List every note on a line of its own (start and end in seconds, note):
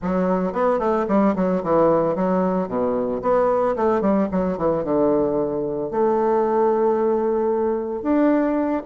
0.02 0.52 F#3
0.52 0.79 B3
0.79 1.06 A3
1.08 1.34 G3
1.35 1.62 F#3
1.63 2.15 E3
2.15 2.67 F#3
2.67 3.21 B2
3.22 3.75 B3
3.75 4.01 A3
4.01 4.28 G3
4.31 4.57 F#3
4.57 4.84 E3
4.84 5.91 D3
5.91 8.02 A3
8.02 8.82 D4